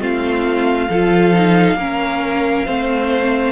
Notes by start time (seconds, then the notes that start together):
0.00 A3 C4 F4 F5
0.89 F3 F4 A4
1.34 D#4
1.74 A#3 C#4 A#4
2.66 A3 C4 C5